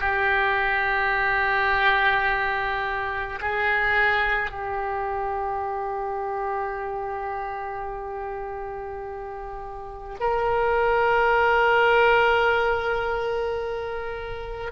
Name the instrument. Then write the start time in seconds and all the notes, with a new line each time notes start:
oboe
0.00 G4
3.41 G#4
4.51 G4
10.20 A#4